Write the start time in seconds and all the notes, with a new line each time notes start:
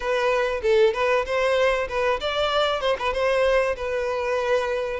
0.00 B4
0.62 A4
0.93 B4
1.25 C5
1.88 B4
2.20 D5
2.80 C5
2.99 B4
3.12 C5
3.76 B4